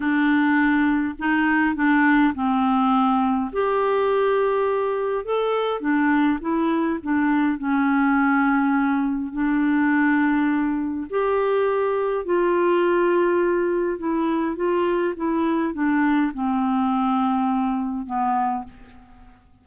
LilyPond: \new Staff \with { instrumentName = "clarinet" } { \time 4/4 \tempo 4 = 103 d'2 dis'4 d'4 | c'2 g'2~ | g'4 a'4 d'4 e'4 | d'4 cis'2. |
d'2. g'4~ | g'4 f'2. | e'4 f'4 e'4 d'4 | c'2. b4 | }